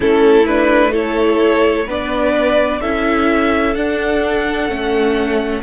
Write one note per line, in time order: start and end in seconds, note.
0.00 1.87 A3
0.00 0.43 C#4
0.00 0.91 E4
0.00 0.46 A4
0.46 0.92 D4
0.46 0.93 B4
0.91 1.86 E4
0.91 1.85 A4
0.91 1.89 C#5
1.86 2.81 B3
1.86 2.82 D4
1.86 2.80 B4
1.86 2.81 D5
2.81 3.75 C#4
2.81 3.76 E4
2.81 5.62 A4
2.81 3.74 E5
3.74 4.68 D4
3.74 5.62 F#5
4.68 5.62 A3
4.68 5.62 C#4